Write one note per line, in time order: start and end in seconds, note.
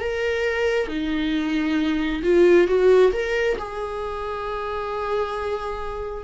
0.00 0.88 A#4
0.88 2.22 D#4
2.23 2.67 F4
2.67 3.12 F#4
3.13 3.57 A#4
3.59 6.24 G#4